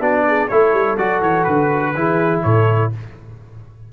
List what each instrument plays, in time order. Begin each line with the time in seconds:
0.00 tuba B3, trombone D4, horn F#4, trumpet D5
0.28 horn G#4
0.48 tuba A3, trombone E4, horn A4, trumpet C#5
0.73 tuba G3
0.97 tuba F#3, trombone F#4, trumpet D5
1.21 tuba E3, trumpet C#5
1.44 tuba D3, trumpet B4
1.95 tuba E3, trombone E4, horn G#4
2.43 tuba A2, horn A4, trumpet C#5